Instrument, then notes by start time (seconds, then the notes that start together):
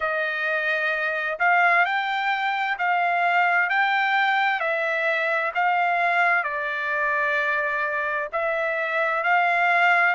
trumpet
0.00 D#5
1.39 F5
1.85 G5
2.78 F5
3.69 G5
4.59 E5
5.54 F5
6.43 D5
8.32 E5
9.23 F5